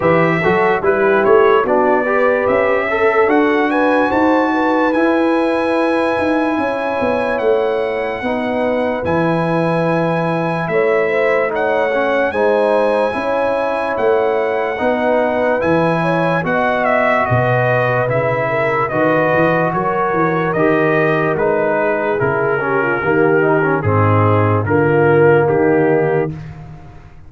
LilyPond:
<<
  \new Staff \with { instrumentName = "trumpet" } { \time 4/4 \tempo 4 = 73 e''4 b'8 cis''8 d''4 e''4 | fis''8 gis''8 a''4 gis''2~ | gis''4 fis''2 gis''4~ | gis''4 e''4 fis''4 gis''4~ |
gis''4 fis''2 gis''4 | fis''8 e''8 dis''4 e''4 dis''4 | cis''4 dis''4 b'4 ais'4~ | ais'4 gis'4 ais'4 g'4 | }
  \new Staff \with { instrumentName = "horn" } { \time 4/4 b'8 a'8 g'4 fis'8 b'4 a'8~ | a'8 b'8 c''8 b'2~ b'8 | cis''2 b'2~ | b'4 cis''8 c''8 cis''4 c''4 |
cis''2 b'4. cis''8 | dis''4 b'4. ais'8 b'4 | ais'2~ ais'8 gis'4 g'16 f'16 | g'4 dis'4 f'4 dis'4 | }
  \new Staff \with { instrumentName = "trombone" } { \time 4/4 g'8 fis'8 e'4 d'8 g'4 a'8 | fis'2 e'2~ | e'2 dis'4 e'4~ | e'2 dis'8 cis'8 dis'4 |
e'2 dis'4 e'4 | fis'2 e'4 fis'4~ | fis'4 g'4 dis'4 e'8 cis'8 | ais8 dis'16 cis'16 c'4 ais2 | }
  \new Staff \with { instrumentName = "tuba" } { \time 4/4 e8 fis8 g8 a8 b4 cis'4 | d'4 dis'4 e'4. dis'8 | cis'8 b8 a4 b4 e4~ | e4 a2 gis4 |
cis'4 a4 b4 e4 | b4 b,4 cis4 dis8 e8 | fis8 e8 dis4 gis4 cis4 | dis4 gis,4 d4 dis4 | }
>>